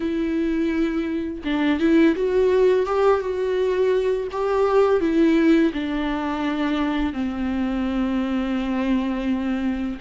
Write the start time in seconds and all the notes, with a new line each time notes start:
0.00 E4
1.44 D4
1.79 E4
2.15 F#4
2.85 G4
3.20 F#4
4.31 G4
5.00 E4
5.73 D4
7.13 C4